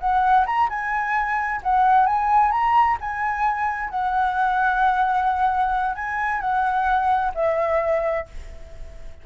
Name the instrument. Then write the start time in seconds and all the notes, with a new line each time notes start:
flute
0.00 F#5
0.46 A#5
0.70 G#5
1.63 F#5
2.07 G#5
2.52 A#5
3.01 G#5
3.90 F#5
5.95 G#5
6.41 F#5
7.35 E5